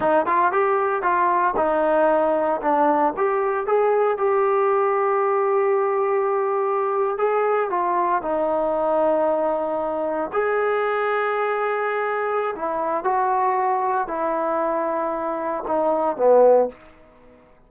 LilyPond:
\new Staff \with { instrumentName = "trombone" } { \time 4/4 \tempo 4 = 115 dis'8 f'8 g'4 f'4 dis'4~ | dis'4 d'4 g'4 gis'4 | g'1~ | g'4.~ g'16 gis'4 f'4 dis'16~ |
dis'2.~ dis'8. gis'16~ | gis'1 | e'4 fis'2 e'4~ | e'2 dis'4 b4 | }